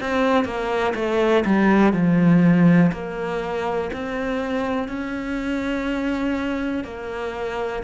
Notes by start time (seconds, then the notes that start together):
0.00 C4
0.45 A#3
0.95 A3
1.45 G3
1.93 F3
2.92 A#3
3.93 C4
4.88 C#4
6.84 A#3